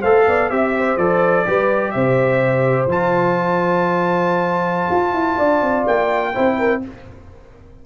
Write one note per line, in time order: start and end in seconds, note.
0.00 0.27 A3
0.00 0.50 A4
0.00 0.24 C5
0.00 0.49 F5
0.27 0.50 B3
0.27 0.52 D5
0.49 0.96 C4
0.49 0.98 G4
0.49 0.97 E5
0.49 0.76 E5
0.77 1.47 C5
0.96 1.44 F3
0.96 1.45 A4
0.96 1.90 D5
1.45 1.94 G3
1.45 2.88 G4
1.45 1.94 B4
1.90 2.86 C3
1.90 5.36 C5
1.90 2.86 E5
2.86 4.88 F3
2.86 6.34 F4
2.86 5.87 A5
4.90 5.13 F4
5.13 5.37 E4
5.36 5.61 D4
5.36 6.32 D5
5.61 5.85 C4
5.87 6.35 A#3
5.87 6.82 G5
6.33 6.85 C4
6.33 6.81 E4
6.33 6.57 C5
6.58 6.82 A#4